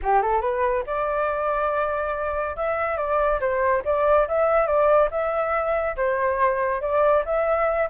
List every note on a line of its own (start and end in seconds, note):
0.02 0.22 G4
0.22 0.41 A4
0.41 0.83 B4
0.86 2.56 D5
2.56 2.97 E5
2.97 3.39 D5
3.40 3.82 C5
3.85 4.27 D5
4.28 4.66 E5
4.66 5.09 D5
5.10 5.96 E5
5.96 6.81 C5
6.81 7.23 D5
7.25 7.89 E5